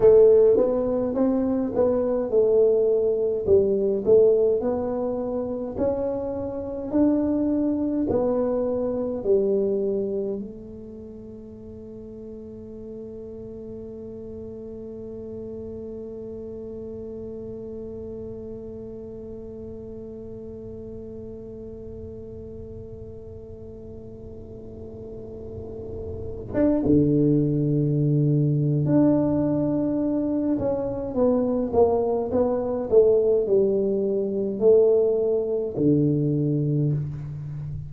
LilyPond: \new Staff \with { instrumentName = "tuba" } { \time 4/4 \tempo 4 = 52 a8 b8 c'8 b8 a4 g8 a8 | b4 cis'4 d'4 b4 | g4 a2.~ | a1~ |
a1~ | a2. d'16 d8.~ | d4 d'4. cis'8 b8 ais8 | b8 a8 g4 a4 d4 | }